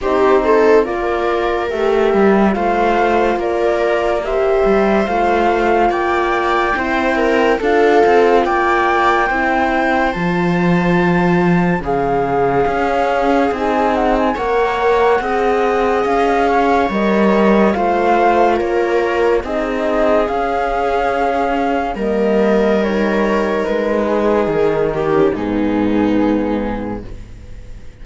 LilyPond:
<<
  \new Staff \with { instrumentName = "flute" } { \time 4/4 \tempo 4 = 71 c''4 d''4 e''4 f''4 | d''4 e''4 f''4 g''4~ | g''4 f''4 g''2 | a''2 f''2 |
gis''8 fis''16 gis''16 fis''2 f''4 | dis''4 f''4 cis''4 dis''4 | f''2 dis''4 cis''4 | b'4 ais'4 gis'2 | }
  \new Staff \with { instrumentName = "viola" } { \time 4/4 g'8 a'8 ais'2 c''4 | ais'4 c''2 d''4 | c''8 ais'8 a'4 d''4 c''4~ | c''2 gis'2~ |
gis'4 cis''4 dis''4. cis''8~ | cis''4 c''4 ais'4 gis'4~ | gis'2 ais'2~ | ais'8 gis'4 g'8 dis'2 | }
  \new Staff \with { instrumentName = "horn" } { \time 4/4 dis'4 f'4 g'4 f'4~ | f'4 g'4 f'2 | e'4 f'2 e'4 | f'2 gis'4 cis'4 |
dis'4 ais'4 gis'2 | ais'4 f'2 dis'4 | cis'2 ais4 dis'4~ | dis'4.~ dis'16 cis'16 b2 | }
  \new Staff \with { instrumentName = "cello" } { \time 4/4 c'4 ais4 a8 g8 a4 | ais4. g8 a4 ais4 | c'4 d'8 c'8 ais4 c'4 | f2 cis4 cis'4 |
c'4 ais4 c'4 cis'4 | g4 a4 ais4 c'4 | cis'2 g2 | gis4 dis4 gis,2 | }
>>